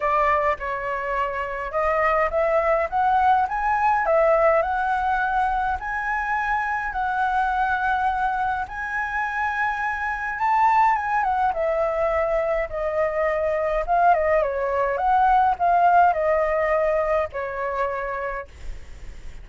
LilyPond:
\new Staff \with { instrumentName = "flute" } { \time 4/4 \tempo 4 = 104 d''4 cis''2 dis''4 | e''4 fis''4 gis''4 e''4 | fis''2 gis''2 | fis''2. gis''4~ |
gis''2 a''4 gis''8 fis''8 | e''2 dis''2 | f''8 dis''8 cis''4 fis''4 f''4 | dis''2 cis''2 | }